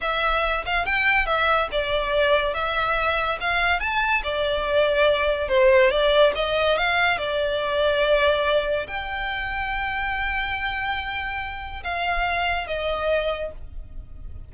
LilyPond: \new Staff \with { instrumentName = "violin" } { \time 4/4 \tempo 4 = 142 e''4. f''8 g''4 e''4 | d''2 e''2 | f''4 a''4 d''2~ | d''4 c''4 d''4 dis''4 |
f''4 d''2.~ | d''4 g''2.~ | g''1 | f''2 dis''2 | }